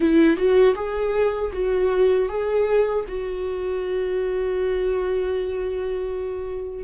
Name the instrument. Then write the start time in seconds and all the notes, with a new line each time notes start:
viola
0.00 E4
0.36 F#4
0.75 G#4
1.53 F#4
2.28 G#4
3.08 F#4